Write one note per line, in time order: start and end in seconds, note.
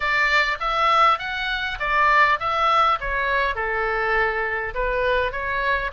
0.00 0.58 D5
0.59 1.19 E5
1.19 1.78 F#5
1.79 2.39 D5
2.39 2.99 E5
3.00 3.55 C#5
3.55 4.74 A4
4.74 5.32 B4
5.32 5.91 C#5